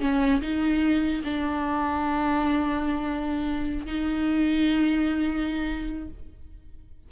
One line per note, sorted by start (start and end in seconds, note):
0.00 0.41 C#4
0.41 1.22 D#4
1.24 3.85 D4
3.85 6.08 D#4